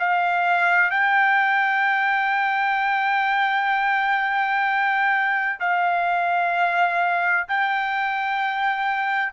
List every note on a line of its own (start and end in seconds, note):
0.00 0.91 F5
0.91 5.60 G5
5.60 7.48 F5
7.49 9.33 G5